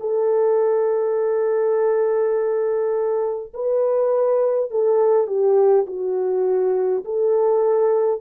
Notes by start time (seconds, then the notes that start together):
0.00 A4
3.53 B4
4.71 A4
5.27 G4
5.86 F#4
7.04 A4